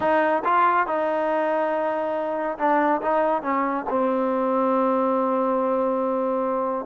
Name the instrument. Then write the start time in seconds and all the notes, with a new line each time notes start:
trombone
0.00 D#4
0.44 F4
0.86 D#4
2.58 D4
3.01 D#4
3.42 C#4
3.89 C4